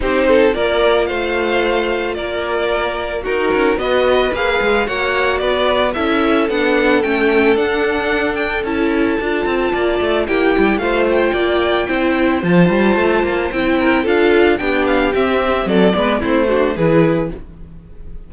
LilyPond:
<<
  \new Staff \with { instrumentName = "violin" } { \time 4/4 \tempo 4 = 111 c''4 d''4 f''2 | d''2 ais'4 dis''4 | f''4 fis''4 d''4 e''4 | fis''4 g''4 fis''4. g''8 |
a''2. g''4 | f''8 g''2~ g''8 a''4~ | a''4 g''4 f''4 g''8 f''8 | e''4 d''4 c''4 b'4 | }
  \new Staff \with { instrumentName = "violin" } { \time 4/4 g'8 a'8 ais'4 c''2 | ais'2 fis'4 b'4~ | b'4 cis''4 b'4 a'4~ | a'1~ |
a'2 d''4 g'4 | c''4 d''4 c''2~ | c''4. ais'8 a'4 g'4~ | g'4 a'8 b'8 e'8 fis'8 gis'4 | }
  \new Staff \with { instrumentName = "viola" } { \time 4/4 dis'4 f'2.~ | f'2 dis'4 fis'4 | gis'4 fis'2 e'4 | d'4 cis'4 d'2 |
e'4 f'2 e'4 | f'2 e'4 f'4~ | f'4 e'4 f'4 d'4 | c'4. b8 c'8 d'8 e'4 | }
  \new Staff \with { instrumentName = "cello" } { \time 4/4 c'4 ais4 a2 | ais2 dis'8 cis'8 b4 | ais8 gis8 ais4 b4 cis'4 | b4 a4 d'2 |
cis'4 d'8 c'8 ais8 a8 ais8 g8 | a4 ais4 c'4 f8 g8 | a8 ais8 c'4 d'4 b4 | c'4 fis8 gis8 a4 e4 | }
>>